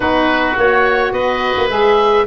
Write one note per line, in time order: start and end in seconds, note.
0.00 0.54 B3
0.00 0.56 D#4
0.00 1.13 F#4
0.00 0.57 B4
0.56 1.12 A#3
0.56 1.69 F#4
0.56 1.12 C#5
1.12 1.54 B3
1.12 2.26 B4
1.12 1.69 D#5
1.56 1.69 A#3
1.69 2.25 G#3
1.69 2.25 G#4
1.69 2.26 E5